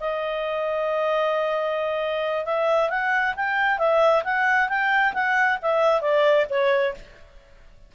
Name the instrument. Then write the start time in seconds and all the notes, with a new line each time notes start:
clarinet
0.00 D#5
2.46 E5
2.90 F#5
3.36 G5
3.79 E5
4.24 F#5
4.69 G5
5.14 F#5
5.62 E5
6.02 D5
6.50 C#5